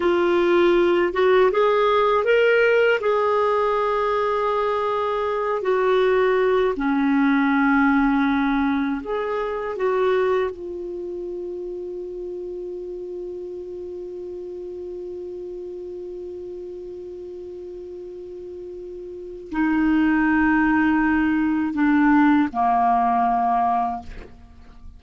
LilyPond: \new Staff \with { instrumentName = "clarinet" } { \time 4/4 \tempo 4 = 80 f'4. fis'8 gis'4 ais'4 | gis'2.~ gis'8 fis'8~ | fis'4 cis'2. | gis'4 fis'4 f'2~ |
f'1~ | f'1~ | f'2 dis'2~ | dis'4 d'4 ais2 | }